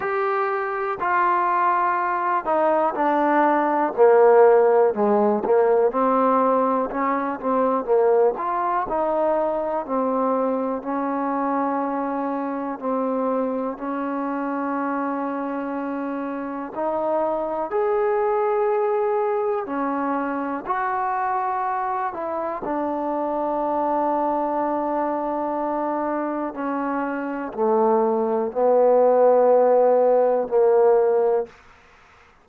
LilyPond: \new Staff \with { instrumentName = "trombone" } { \time 4/4 \tempo 4 = 61 g'4 f'4. dis'8 d'4 | ais4 gis8 ais8 c'4 cis'8 c'8 | ais8 f'8 dis'4 c'4 cis'4~ | cis'4 c'4 cis'2~ |
cis'4 dis'4 gis'2 | cis'4 fis'4. e'8 d'4~ | d'2. cis'4 | a4 b2 ais4 | }